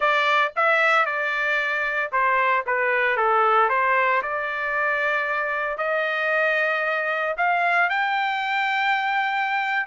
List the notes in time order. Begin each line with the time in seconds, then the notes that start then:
0.00 D5
0.56 E5
1.05 D5
2.11 C5
2.66 B4
3.16 A4
3.69 C5
4.22 D5
5.77 D#5
7.37 F5
7.89 G5